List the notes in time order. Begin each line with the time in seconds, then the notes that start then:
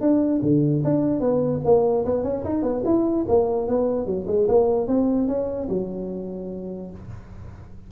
0.00 D4
0.42 D3
0.84 D4
1.20 B3
1.64 A#3
2.05 B3
2.23 C#4
2.44 D#4
2.62 B3
2.85 E4
3.28 A#3
3.67 B3
4.06 F#3
4.27 G#3
4.48 A#3
4.87 C4
5.27 C#4
5.68 F#3